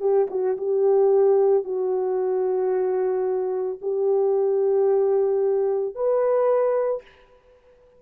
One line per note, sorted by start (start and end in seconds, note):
0.00 0.27 G4
0.30 0.57 F#4
0.57 1.64 G4
1.64 3.78 F#4
3.81 5.95 G4
5.95 7.02 B4